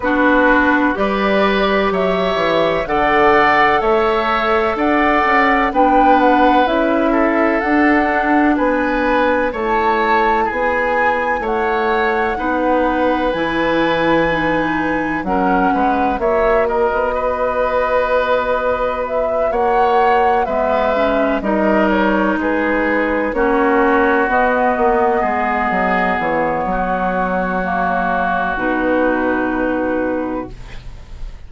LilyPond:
<<
  \new Staff \with { instrumentName = "flute" } { \time 4/4 \tempo 4 = 63 b'4 d''4 e''4 fis''4 | e''4 fis''4 g''8 fis''8 e''4 | fis''4 gis''4 a''4 gis''4 | fis''2 gis''2 |
fis''4 e''8 dis''2~ dis''8 | e''8 fis''4 e''4 dis''8 cis''8 b'8~ | b'8 cis''4 dis''2 cis''8~ | cis''2 b'2 | }
  \new Staff \with { instrumentName = "oboe" } { \time 4/4 fis'4 b'4 cis''4 d''4 | cis''4 d''4 b'4. a'8~ | a'4 b'4 cis''4 gis'4 | cis''4 b'2. |
ais'8 b'8 cis''8 ais'8 b'2~ | b'8 cis''4 b'4 ais'4 gis'8~ | gis'8 fis'2 gis'4. | fis'1 | }
  \new Staff \with { instrumentName = "clarinet" } { \time 4/4 d'4 g'2 a'4~ | a'2 d'4 e'4 | d'2 e'2~ | e'4 dis'4 e'4 dis'4 |
cis'4 fis'2.~ | fis'4. b8 cis'8 dis'4.~ | dis'8 cis'4 b2~ b8~ | b4 ais4 dis'2 | }
  \new Staff \with { instrumentName = "bassoon" } { \time 4/4 b4 g4 fis8 e8 d4 | a4 d'8 cis'8 b4 cis'4 | d'4 b4 a4 b4 | a4 b4 e2 |
fis8 gis8 ais8. b2~ b16~ | b8 ais4 gis4 g4 gis8~ | gis8 ais4 b8 ais8 gis8 fis8 e8 | fis2 b,2 | }
>>